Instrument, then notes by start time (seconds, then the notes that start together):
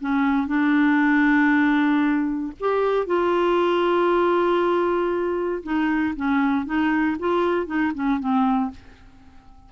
clarinet
0.00 C#4
0.47 D4
2.59 G4
3.06 F4
5.63 D#4
6.16 C#4
6.65 D#4
7.19 F4
7.66 D#4
7.94 C#4
8.19 C4